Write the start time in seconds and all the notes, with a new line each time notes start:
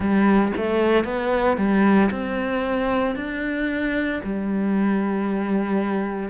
0.00 G3
0.56 A3
1.04 B3
1.57 G3
2.11 C4
3.15 D4
4.23 G3